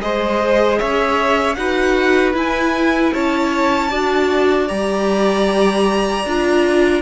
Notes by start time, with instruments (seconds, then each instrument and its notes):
0.00 cello G#3, viola G#4, violin C5 D#5
0.78 cello C#4, violin C#5 E5
1.54 cello D#4, viola F#4, violin B4 F#5
2.34 viola E4, cello E4, violin G#5
3.13 cello C#4, violin C#5 A5
3.90 cello D4, viola F#4, violin D5
4.68 cello G3, viola G4, violin A#5
6.25 cello D4, viola F4